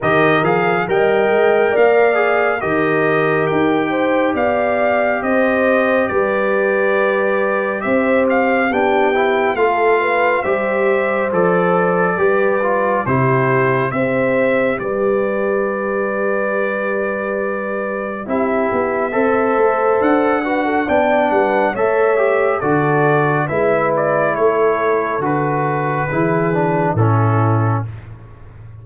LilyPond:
<<
  \new Staff \with { instrumentName = "trumpet" } { \time 4/4 \tempo 4 = 69 dis''8 f''8 g''4 f''4 dis''4 | g''4 f''4 dis''4 d''4~ | d''4 e''8 f''8 g''4 f''4 | e''4 d''2 c''4 |
e''4 d''2.~ | d''4 e''2 fis''4 | g''8 fis''8 e''4 d''4 e''8 d''8 | cis''4 b'2 a'4 | }
  \new Staff \with { instrumentName = "horn" } { \time 4/4 ais'4 dis''4 d''4 ais'4~ | ais'8 c''8 d''4 c''4 b'4~ | b'4 c''4 g'4 a'8 b'8 | c''2 b'4 g'4 |
c''4 b'2.~ | b'4 g'4 c''4. b'16 a'16 | d''8 b'8 cis''4 a'4 b'4 | a'2 gis'4 e'4 | }
  \new Staff \with { instrumentName = "trombone" } { \time 4/4 g'8 gis'8 ais'4. gis'8 g'4~ | g'1~ | g'2 d'8 e'8 f'4 | g'4 a'4 g'8 f'8 e'4 |
g'1~ | g'4 e'4 a'4. fis'8 | d'4 a'8 g'8 fis'4 e'4~ | e'4 fis'4 e'8 d'8 cis'4 | }
  \new Staff \with { instrumentName = "tuba" } { \time 4/4 dis8 f8 g8 gis8 ais4 dis4 | dis'4 b4 c'4 g4~ | g4 c'4 b4 a4 | g4 f4 g4 c4 |
c'4 g2.~ | g4 c'8 b8 c'8 a8 d'4 | b8 g8 a4 d4 gis4 | a4 d4 e4 a,4 | }
>>